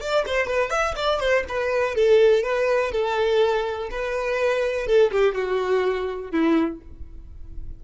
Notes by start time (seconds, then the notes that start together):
0.00 D5
0.26 C5
0.47 B4
0.70 E5
0.96 D5
1.20 C5
1.48 B4
1.95 A4
2.43 B4
2.91 A4
3.90 B4
4.86 A4
5.11 G4
5.35 F#4
6.31 E4